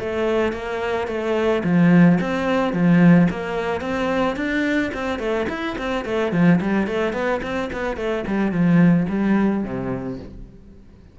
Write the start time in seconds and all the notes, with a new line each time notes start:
0.00 A3
0.53 A#3
1.07 A3
1.64 F3
2.21 C4
2.73 F3
3.30 A#3
3.81 C4
4.36 D4
4.94 C4
5.19 A3
5.49 E4
5.78 C4
6.05 A3
6.32 F3
6.61 G3
6.87 A3
7.13 B3
7.42 C4
7.73 B3
7.97 A3
8.27 G3
8.52 F3
9.09 G3
9.64 C3